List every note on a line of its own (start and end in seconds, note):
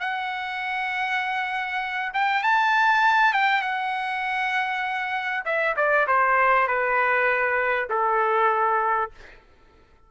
0.00 2.12 F#5
2.14 2.43 G5
2.43 3.33 A5
3.33 3.62 G5
3.62 5.44 F#5
5.45 5.75 E5
5.77 6.07 D5
6.07 6.68 C5
6.68 7.89 B4
7.90 9.11 A4